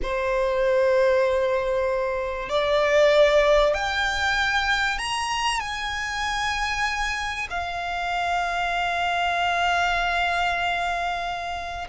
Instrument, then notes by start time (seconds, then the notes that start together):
violin
0.02 C5
2.49 D5
3.73 G5
4.98 A#5
5.59 G#5
7.50 F5